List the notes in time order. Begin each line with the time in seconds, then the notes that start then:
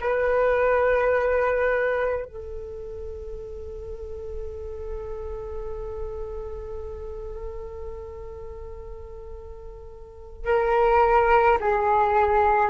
0.00 B4
2.25 A4
10.45 A#4
11.60 G#4